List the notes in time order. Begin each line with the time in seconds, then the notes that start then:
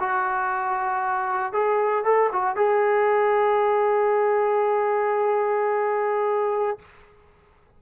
0.00 F#4
1.53 G#4
2.05 A4
2.33 F#4
2.56 G#4